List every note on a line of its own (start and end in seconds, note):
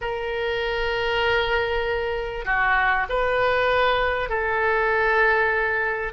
0.01 2.45 A#4
2.45 3.06 F#4
3.09 4.29 B4
4.29 6.13 A4